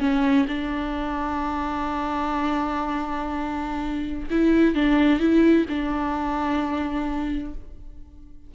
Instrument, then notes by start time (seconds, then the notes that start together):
viola
0.00 C#4
0.48 D4
4.30 E4
4.75 D4
5.20 E4
5.70 D4